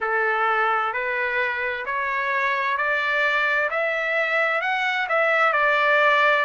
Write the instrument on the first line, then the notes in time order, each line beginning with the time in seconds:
trumpet
0.00 A4
0.93 B4
1.85 C#5
2.77 D5
3.70 E5
4.61 F#5
5.08 E5
5.53 D5